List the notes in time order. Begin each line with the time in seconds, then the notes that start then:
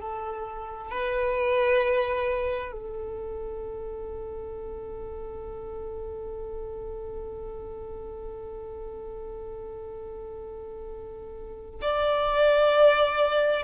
0.00 A4
0.90 B4
2.71 A4
11.81 D5